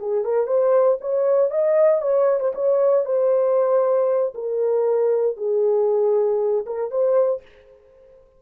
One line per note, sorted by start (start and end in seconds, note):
0.00 0.25 G#4
0.25 0.47 A#4
0.47 0.98 C5
1.01 1.51 C#5
1.51 2.02 D#5
2.02 2.41 C#5
2.41 2.53 C5
2.55 3.06 C#5
3.06 4.34 C5
4.34 5.37 A#4
5.37 6.65 G#4
6.66 6.91 A#4
6.91 7.42 C5